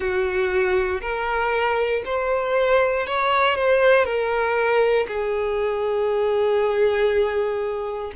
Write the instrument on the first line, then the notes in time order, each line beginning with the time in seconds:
violin
0.00 F#4
1.01 A#4
2.05 C5
3.06 C#5
3.55 C5
4.04 A#4
5.07 G#4